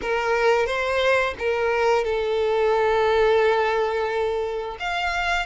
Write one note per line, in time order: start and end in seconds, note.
0.01 0.66 A#4
0.66 1.34 C5
1.38 2.04 A#4
2.04 4.77 A4
4.79 5.46 F5